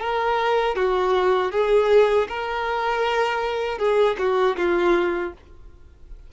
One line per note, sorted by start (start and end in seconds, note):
0.00 0.75 A#4
0.75 1.51 F#4
1.51 2.27 G#4
2.29 3.78 A#4
3.78 4.16 G#4
4.18 4.56 F#4
4.57 5.33 F4